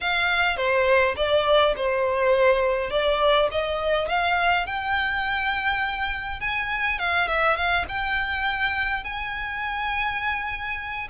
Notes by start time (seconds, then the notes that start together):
0.00 F5
0.56 C5
1.16 D5
1.76 C5
2.90 D5
3.51 D#5
4.08 F5
4.66 G5
6.40 G#5
6.98 F5
7.27 E5
7.56 F5
7.88 G5
9.04 G#5